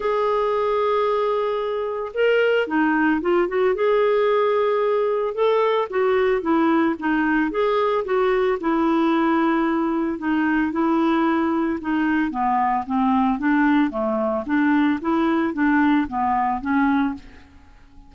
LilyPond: \new Staff \with { instrumentName = "clarinet" } { \time 4/4 \tempo 4 = 112 gis'1 | ais'4 dis'4 f'8 fis'8 gis'4~ | gis'2 a'4 fis'4 | e'4 dis'4 gis'4 fis'4 |
e'2. dis'4 | e'2 dis'4 b4 | c'4 d'4 a4 d'4 | e'4 d'4 b4 cis'4 | }